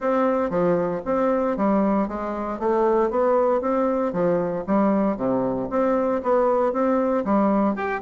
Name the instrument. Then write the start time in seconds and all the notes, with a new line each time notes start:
bassoon
0.00 C4
0.49 F3
1.05 C4
1.56 G3
2.08 G#3
2.59 A3
3.10 B3
3.61 C4
4.12 F3
4.66 G3
5.17 C3
5.70 C4
6.23 B3
6.72 C4
7.24 G3
7.75 G4